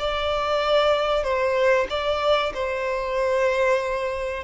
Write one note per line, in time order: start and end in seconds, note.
0.00 1.24 D5
1.24 1.87 C5
1.90 2.53 D5
2.55 4.44 C5